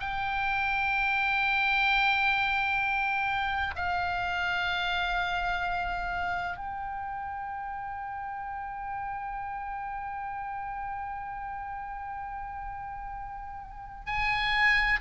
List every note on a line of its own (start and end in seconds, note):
0.00 3.75 G5
3.76 6.57 F5
6.57 14.06 G5
14.06 15.00 G#5